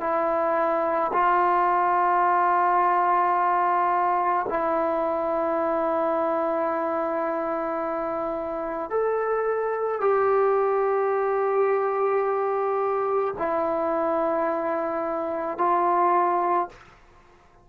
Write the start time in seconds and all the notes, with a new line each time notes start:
0.00 E4
1.13 F4
4.49 E4
8.89 A4
10.01 G4
13.38 E4
15.58 F4